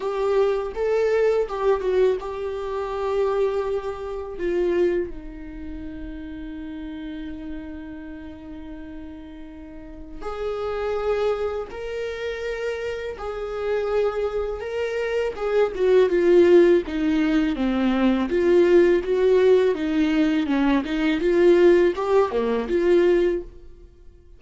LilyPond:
\new Staff \with { instrumentName = "viola" } { \time 4/4 \tempo 4 = 82 g'4 a'4 g'8 fis'8 g'4~ | g'2 f'4 dis'4~ | dis'1~ | dis'2 gis'2 |
ais'2 gis'2 | ais'4 gis'8 fis'8 f'4 dis'4 | c'4 f'4 fis'4 dis'4 | cis'8 dis'8 f'4 g'8 ais8 f'4 | }